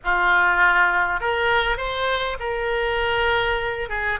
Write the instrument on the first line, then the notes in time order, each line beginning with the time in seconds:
oboe
0.04 F4
1.20 A#4
1.77 C5
2.39 A#4
3.89 G#4